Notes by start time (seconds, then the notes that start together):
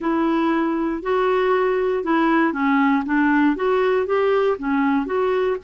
0.00 E4
1.02 F#4
2.03 E4
2.52 C#4
3.05 D4
3.55 F#4
4.06 G4
4.58 C#4
5.06 F#4